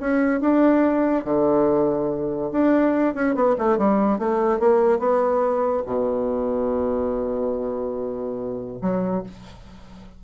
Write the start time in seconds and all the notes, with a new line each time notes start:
0.00 C#4
0.41 D4
1.25 D3
2.52 D4
3.14 C#4
3.35 B3
3.58 A3
3.78 G3
4.18 A3
4.59 A#3
4.99 B3
5.86 B2
8.81 F#3